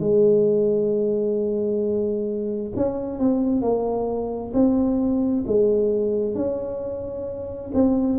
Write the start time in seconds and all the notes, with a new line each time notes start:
0.00 G#3
2.76 C#4
3.19 C4
3.62 A#3
4.54 C4
5.47 G#3
6.35 C#4
7.74 C4